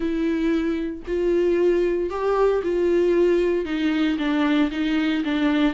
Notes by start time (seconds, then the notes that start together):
0.00 E4
1.07 F4
2.10 G4
2.63 F4
3.65 D#4
4.18 D4
4.71 D#4
5.24 D4